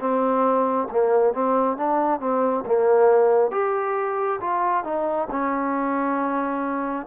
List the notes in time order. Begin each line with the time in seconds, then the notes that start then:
0.00 C4
0.91 A#3
1.34 C4
1.77 D4
2.21 C4
2.66 A#3
3.51 G4
4.41 F4
4.84 D#4
5.31 C#4